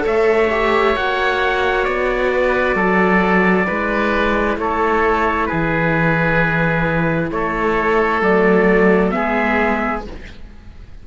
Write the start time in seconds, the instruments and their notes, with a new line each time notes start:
0.00 cello A3, viola A4, oboe C#5
0.07 trumpet E5
0.50 viola G4
0.96 cello A#3, viola F#4, trumpet F#5
1.85 cello B3, trumpet D5
2.34 oboe B4
2.75 cello F#3, oboe A4
3.67 cello G#3, viola E4, oboe B4
4.57 cello A3, oboe A4, trumpet C#5
5.46 cello E3, oboe G#4, trumpet B4
7.31 cello A3, oboe A4, trumpet C#5
8.22 cello F#3, viola A3, trumpet D5
9.11 cello G#3, viola B3, oboe G#4, trumpet E5